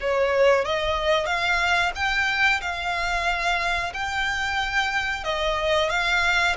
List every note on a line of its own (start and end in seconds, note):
0.00 0.65 C#5
0.65 1.26 D#5
1.26 1.92 F5
1.95 2.61 G5
2.61 3.93 F5
3.93 5.24 G5
5.24 5.89 D#5
5.89 6.55 F5